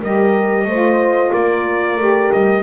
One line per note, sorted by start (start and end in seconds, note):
0.00 0.65 G3
0.00 0.68 G4
0.00 0.66 A#4
0.00 1.33 D#5
0.65 1.30 A3
0.65 1.99 F4
0.65 1.32 C5
1.32 1.97 A#3
1.32 2.63 A#4
1.32 2.32 D5
1.97 2.30 A3
1.97 2.63 G4
2.32 2.63 G3
2.32 2.63 D#5